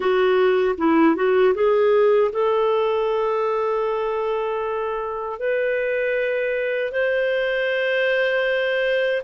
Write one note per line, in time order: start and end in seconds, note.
0.00 0.75 F#4
0.77 1.15 E4
1.15 1.53 F#4
1.54 2.31 G#4
2.32 5.39 A4
5.39 6.91 B4
6.91 9.22 C5